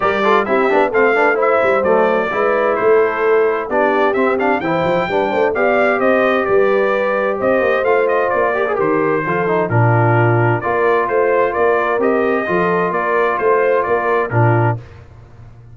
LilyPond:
<<
  \new Staff \with { instrumentName = "trumpet" } { \time 4/4 \tempo 4 = 130 d''4 e''4 f''4 e''4 | d''2 c''2 | d''4 e''8 f''8 g''2 | f''4 dis''4 d''2 |
dis''4 f''8 dis''8 d''4 c''4~ | c''4 ais'2 d''4 | c''4 d''4 dis''2 | d''4 c''4 d''4 ais'4 | }
  \new Staff \with { instrumentName = "horn" } { \time 4/4 ais'8 a'8 g'4 a'8 b'8 c''4~ | c''4 b'4 a'2 | g'2 c''4 b'8 c''8 | d''4 c''4 b'2 |
c''2~ c''8 ais'4. | a'4 f'2 ais'4 | c''4 ais'2 a'4 | ais'4 c''4 ais'4 f'4 | }
  \new Staff \with { instrumentName = "trombone" } { \time 4/4 g'8 f'8 e'8 d'8 c'8 d'8 e'4 | a4 e'2. | d'4 c'8 d'8 e'4 d'4 | g'1~ |
g'4 f'4. g'16 gis'16 g'4 | f'8 dis'8 d'2 f'4~ | f'2 g'4 f'4~ | f'2. d'4 | }
  \new Staff \with { instrumentName = "tuba" } { \time 4/4 g4 c'8 b8 a4. g8 | fis4 gis4 a2 | b4 c'4 e8 f8 g8 a8 | b4 c'4 g2 |
c'8 ais8 a4 ais4 dis4 | f4 ais,2 ais4 | a4 ais4 c'4 f4 | ais4 a4 ais4 ais,4 | }
>>